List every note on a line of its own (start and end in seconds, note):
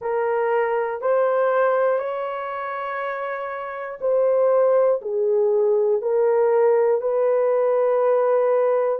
0.01 1.01 A#4
1.01 1.99 C5
1.99 3.99 C#5
4.00 5.00 C5
5.01 6.01 G#4
6.01 7.01 A#4
7.01 8.99 B4